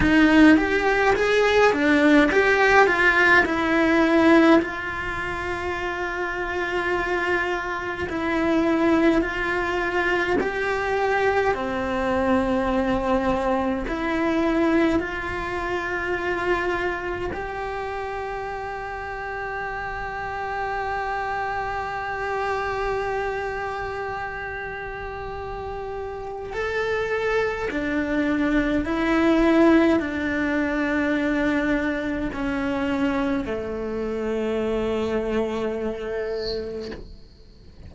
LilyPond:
\new Staff \with { instrumentName = "cello" } { \time 4/4 \tempo 4 = 52 dis'8 g'8 gis'8 d'8 g'8 f'8 e'4 | f'2. e'4 | f'4 g'4 c'2 | e'4 f'2 g'4~ |
g'1~ | g'2. a'4 | d'4 e'4 d'2 | cis'4 a2. | }